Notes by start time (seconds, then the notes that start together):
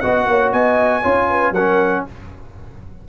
0.00 B3 F#4 D#5 F#5
0.27 A#3 C#5
0.52 B3 D#5 G#5
1.02 C#4 F4 C#5
1.29 B4
1.51 F#3 A#4 F#5
1.57 C#4